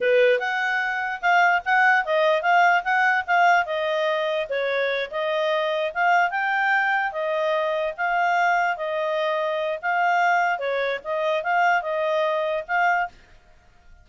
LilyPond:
\new Staff \with { instrumentName = "clarinet" } { \time 4/4 \tempo 4 = 147 b'4 fis''2 f''4 | fis''4 dis''4 f''4 fis''4 | f''4 dis''2 cis''4~ | cis''8 dis''2 f''4 g''8~ |
g''4. dis''2 f''8~ | f''4. dis''2~ dis''8 | f''2 cis''4 dis''4 | f''4 dis''2 f''4 | }